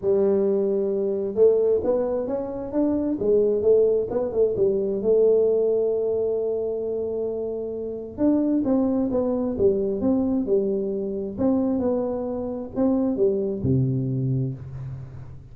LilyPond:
\new Staff \with { instrumentName = "tuba" } { \time 4/4 \tempo 4 = 132 g2. a4 | b4 cis'4 d'4 gis4 | a4 b8 a8 g4 a4~ | a1~ |
a2 d'4 c'4 | b4 g4 c'4 g4~ | g4 c'4 b2 | c'4 g4 c2 | }